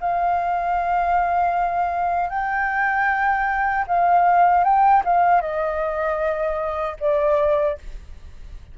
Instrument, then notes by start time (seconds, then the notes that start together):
flute
0.00 F5
2.29 G5
3.87 F5
4.64 G5
5.05 F5
5.41 D#5
7.00 D5